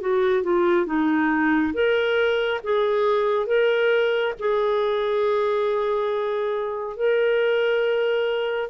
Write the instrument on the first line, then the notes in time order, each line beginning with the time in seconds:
clarinet
0.00 F#4
0.43 F4
0.86 D#4
1.74 A#4
2.64 G#4
3.46 A#4
4.39 G#4
6.96 A#4